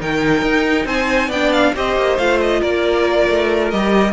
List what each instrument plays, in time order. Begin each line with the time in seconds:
0.00 cello D#3, viola D#4, violin A#4 G5
0.42 cello D#4
0.85 cello C4, violin C5 G#5
1.27 cello B3, violin D5 G5
1.33 viola D4
1.52 violin F5
1.75 cello C4, viola G4, violin C5 D#5
1.96 cello A#3
2.17 cello A3, viola F4, violin F5
2.41 violin D#5
2.60 cello A#3, violin A#4 D5
3.29 cello A3
3.70 cello G3, viola G4, violin D#5